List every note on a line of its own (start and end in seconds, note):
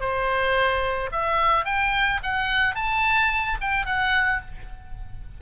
0.00 1.10 C5
1.11 1.65 E5
1.65 2.20 G5
2.23 2.75 F#5
2.75 3.58 A5
3.61 3.86 G5
3.86 4.41 F#5